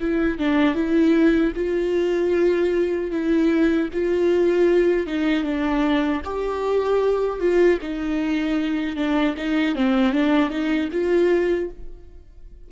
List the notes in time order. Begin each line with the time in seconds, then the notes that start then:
0.00 E4
0.39 D4
0.74 E4
1.55 F4
3.11 E4
3.93 F4
5.06 D#4
5.43 D4
6.24 G4
7.40 F4
7.81 D#4
8.96 D4
9.37 D#4
9.75 C4
10.12 D4
10.50 D#4
10.92 F4